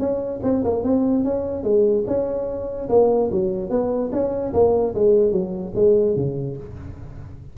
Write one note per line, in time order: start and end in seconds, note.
0.00 0.41 C#4
0.44 0.64 C4
0.65 0.84 A#3
0.84 1.25 C4
1.25 1.64 C#4
1.64 2.05 G#3
2.08 2.89 C#4
2.90 3.31 A#3
3.32 3.70 F#3
3.70 4.11 B3
4.13 4.53 C#4
4.54 4.95 A#3
4.95 5.32 G#3
5.32 5.73 F#3
5.76 6.16 G#3
6.16 6.57 C#3